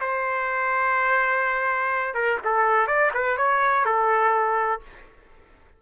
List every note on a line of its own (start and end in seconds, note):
0.00 2.14 C5
2.14 2.38 A#4
2.44 2.87 A4
2.87 3.11 D5
3.14 3.37 B4
3.37 3.85 C#5
3.85 4.81 A4